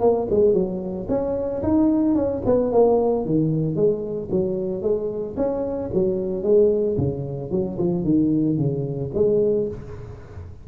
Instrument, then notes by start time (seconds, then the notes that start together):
tuba
0.00 A#3
0.30 G#3
0.53 F#3
1.08 C#4
1.63 D#4
2.15 C#4
2.45 B3
2.72 A#3
3.25 D#3
3.75 G#3
4.31 F#3
4.82 G#3
5.37 C#4
5.93 F#3
6.43 G#3
6.97 C#3
7.51 F#3
7.78 F3
8.04 D#3
8.57 C#3
9.14 G#3